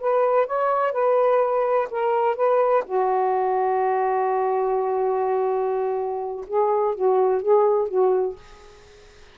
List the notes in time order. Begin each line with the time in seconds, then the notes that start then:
0.00 B4
0.46 C#5
0.92 B4
1.91 A#4
2.36 B4
2.85 F#4
6.47 G#4
6.95 F#4
7.42 G#4
7.88 F#4